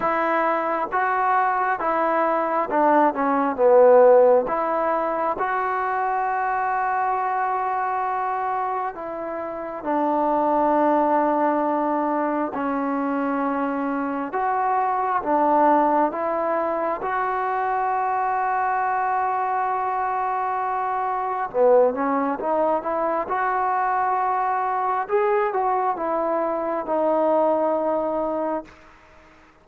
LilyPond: \new Staff \with { instrumentName = "trombone" } { \time 4/4 \tempo 4 = 67 e'4 fis'4 e'4 d'8 cis'8 | b4 e'4 fis'2~ | fis'2 e'4 d'4~ | d'2 cis'2 |
fis'4 d'4 e'4 fis'4~ | fis'1 | b8 cis'8 dis'8 e'8 fis'2 | gis'8 fis'8 e'4 dis'2 | }